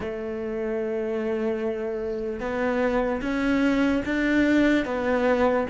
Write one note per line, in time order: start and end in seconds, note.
0.00 2.40 A3
2.40 3.21 B3
3.21 4.02 C#4
4.05 4.85 D4
4.85 5.66 B3